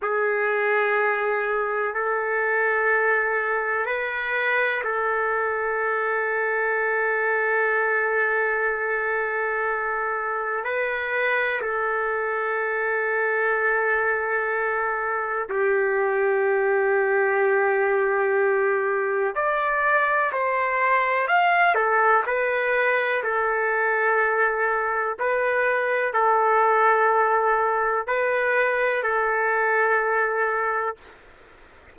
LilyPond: \new Staff \with { instrumentName = "trumpet" } { \time 4/4 \tempo 4 = 62 gis'2 a'2 | b'4 a'2.~ | a'2. b'4 | a'1 |
g'1 | d''4 c''4 f''8 a'8 b'4 | a'2 b'4 a'4~ | a'4 b'4 a'2 | }